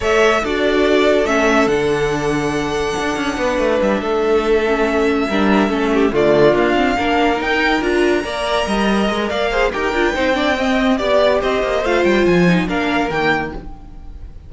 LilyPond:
<<
  \new Staff \with { instrumentName = "violin" } { \time 4/4 \tempo 4 = 142 e''4 d''2 e''4 | fis''1~ | fis''4 e''2.~ | e''2~ e''8 d''4 f''8~ |
f''4. g''4 ais''4.~ | ais''2 f''4 g''4~ | g''2 d''4 dis''4 | f''8 g''8 gis''4 f''4 g''4 | }
  \new Staff \with { instrumentName = "violin" } { \time 4/4 cis''4 a'2.~ | a'1 | b'4. a'2~ a'8~ | a'8 ais'4 a'8 g'8 f'4.~ |
f'8 ais'2. d''8~ | d''8 dis''4. d''8 c''8 ais'4 | c''8 d''8 dis''4 d''4 c''4~ | c''2 ais'2 | }
  \new Staff \with { instrumentName = "viola" } { \time 4/4 a'4 fis'2 cis'4 | d'1~ | d'2. cis'4~ | cis'8 d'4 cis'4 a4 ais8 |
c'8 d'4 dis'4 f'4 ais'8~ | ais'2~ ais'8 gis'8 g'8 f'8 | dis'8 d'8 c'4 g'2 | f'4. dis'8 d'4 ais4 | }
  \new Staff \with { instrumentName = "cello" } { \time 4/4 a4 d'2 a4 | d2. d'8 cis'8 | b8 a8 g8 a2~ a8~ | a8 g4 a4 d4 d'8~ |
d'8 ais4 dis'4 d'4 ais8~ | ais8 g4 gis8 ais4 dis'8 d'8 | c'2 b4 c'8 ais8 | a8 g8 f4 ais4 dis4 | }
>>